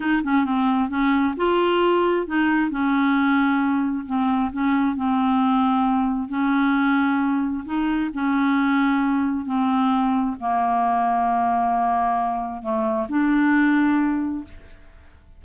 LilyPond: \new Staff \with { instrumentName = "clarinet" } { \time 4/4 \tempo 4 = 133 dis'8 cis'8 c'4 cis'4 f'4~ | f'4 dis'4 cis'2~ | cis'4 c'4 cis'4 c'4~ | c'2 cis'2~ |
cis'4 dis'4 cis'2~ | cis'4 c'2 ais4~ | ais1 | a4 d'2. | }